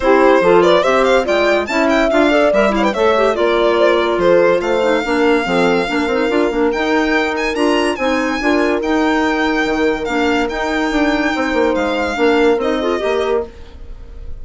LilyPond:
<<
  \new Staff \with { instrumentName = "violin" } { \time 4/4 \tempo 4 = 143 c''4. d''8 e''8 f''8 g''4 | a''8 g''8 f''4 e''8 f''16 g''16 e''4 | d''2 c''4 f''4~ | f''1 |
g''4. gis''8 ais''4 gis''4~ | gis''4 g''2. | f''4 g''2. | f''2 dis''2 | }
  \new Staff \with { instrumentName = "horn" } { \time 4/4 g'4 a'8 b'8 c''4 d''4 | e''4. d''4 cis''16 b'16 cis''4 | d''4 c''8 ais'8 a'4 c''4 | ais'4 a'4 ais'2~ |
ais'2. c''4 | ais'1~ | ais'2. c''4~ | c''4 ais'4. a'8 ais'4 | }
  \new Staff \with { instrumentName = "clarinet" } { \time 4/4 e'4 f'4 g'4 f'4 | e'4 f'8 a'8 ais'8 e'8 a'8 g'8 | f'2.~ f'8 dis'8 | d'4 c'4 d'8 dis'8 f'8 d'8 |
dis'2 f'4 dis'4 | f'4 dis'2. | d'4 dis'2.~ | dis'4 d'4 dis'8 f'8 g'4 | }
  \new Staff \with { instrumentName = "bassoon" } { \time 4/4 c'4 f4 c'4 gis4 | cis'4 d'4 g4 a4 | ais2 f4 a4 | ais4 f4 ais8 c'8 d'8 ais8 |
dis'2 d'4 c'4 | d'4 dis'2 dis4 | ais4 dis'4 d'4 c'8 ais8 | gis4 ais4 c'4 ais4 | }
>>